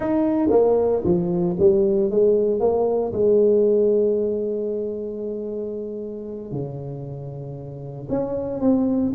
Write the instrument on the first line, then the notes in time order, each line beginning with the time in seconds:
tuba
0.00 D#4
0.50 A#3
1.04 F3
1.59 G3
2.10 G#3
2.60 A#3
3.12 G#3
6.51 C#3
8.09 C#4
8.60 C4